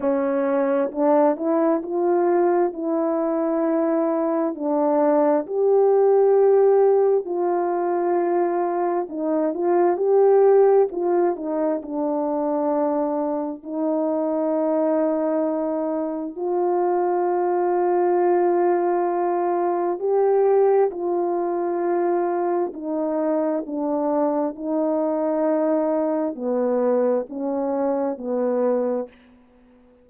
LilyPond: \new Staff \with { instrumentName = "horn" } { \time 4/4 \tempo 4 = 66 cis'4 d'8 e'8 f'4 e'4~ | e'4 d'4 g'2 | f'2 dis'8 f'8 g'4 | f'8 dis'8 d'2 dis'4~ |
dis'2 f'2~ | f'2 g'4 f'4~ | f'4 dis'4 d'4 dis'4~ | dis'4 b4 cis'4 b4 | }